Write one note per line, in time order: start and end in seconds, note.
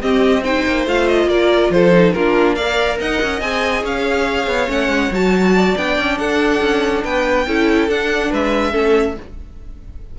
0.00 0.43 C4
0.00 0.66 C4
0.00 0.43 G4
0.00 0.43 D#5
0.43 0.87 D#4
0.43 1.28 C5
0.43 0.86 G5
0.66 0.86 A#3
0.86 1.26 A3
0.86 1.93 F4
0.86 1.07 F5
1.07 1.28 D#5
1.26 1.68 A#3
1.26 1.72 A#4
1.26 1.71 D5
1.70 2.13 F3
1.70 2.15 A4
1.70 2.12 C5
1.93 2.14 D#4
2.12 3.00 A#3
2.12 2.59 D4
2.12 2.56 F4
2.12 2.55 A#4
2.55 3.41 A#4
2.55 2.98 D5
2.55 2.97 F5
2.99 3.21 D#4
2.99 3.84 D#5
2.99 3.41 F#5
3.22 3.41 C#4
3.41 3.83 C4
3.41 4.68 G#4
3.41 3.83 G#5
3.83 4.47 C#4
3.83 5.54 C#5
3.83 4.70 F5
4.47 4.68 B3
4.68 4.88 A3
4.68 5.10 C#4
4.68 5.13 F#5
4.88 5.09 G#3
5.11 5.75 F#3
5.11 5.76 F#4
5.11 5.77 A5
5.54 6.18 D5
5.76 5.98 B3
5.76 7.47 D4
5.76 6.18 G5
5.98 6.19 C#4
6.18 6.60 D4
6.18 7.04 A4
6.18 7.03 F#5
6.60 7.03 C#4
7.04 7.47 B3
7.04 7.47 B4
7.04 7.89 G5
7.47 7.88 C#4
7.47 7.89 E4
7.47 8.30 A4
7.88 8.31 D4
7.88 8.73 D4
7.88 8.32 F#5
8.30 8.74 G#3
8.30 8.71 B4
8.30 9.19 E5
8.71 9.16 A3
8.71 9.15 C#4
8.71 9.14 A4